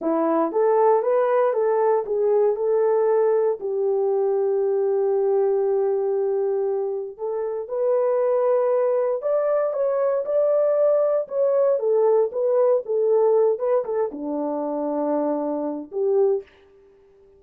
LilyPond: \new Staff \with { instrumentName = "horn" } { \time 4/4 \tempo 4 = 117 e'4 a'4 b'4 a'4 | gis'4 a'2 g'4~ | g'1~ | g'2 a'4 b'4~ |
b'2 d''4 cis''4 | d''2 cis''4 a'4 | b'4 a'4. b'8 a'8 d'8~ | d'2. g'4 | }